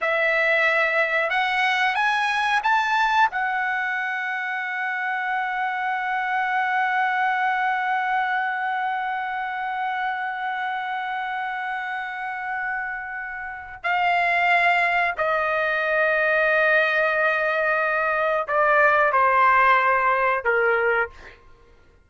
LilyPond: \new Staff \with { instrumentName = "trumpet" } { \time 4/4 \tempo 4 = 91 e''2 fis''4 gis''4 | a''4 fis''2.~ | fis''1~ | fis''1~ |
fis''1~ | fis''4 f''2 dis''4~ | dis''1 | d''4 c''2 ais'4 | }